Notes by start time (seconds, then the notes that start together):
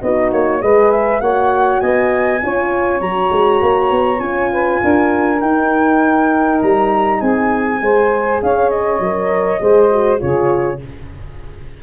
0.00 B3 D#4 F#4 D#5
0.32 A#3 C#5
0.60 G#3 G#4 B4 D#5
0.91 E5
1.20 A#3 F#4 C#5 F#5
1.80 B3 D#5 G#5
2.42 C#4 F4 C#5
3.00 F#3 F#4 A#5
3.31 G#3
3.61 A#3
3.90 B3
4.18 C#4 F4 G#5
4.51 B4
4.82 D4 A#4
5.40 D#4 G5
6.62 G3 A#5
7.20 C4 G#4 G#5
7.80 G#3 G#4 C5
8.42 C#4 C#5 F5
8.69 D#5
8.99 F#3 A#4
9.60 G#3 G#4 C5
9.91 F#4
10.18 C#3 F4 G#4 C#5